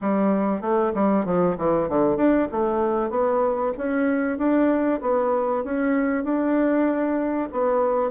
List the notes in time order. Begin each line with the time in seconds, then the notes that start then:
0.01 G3
0.61 A3
0.94 G3
1.25 F3
1.57 E3
1.88 D3
2.16 D4
2.51 A3
3.09 B3
3.77 C#4
4.38 D4
5.01 B3
5.64 C#4
6.24 D4
7.52 B3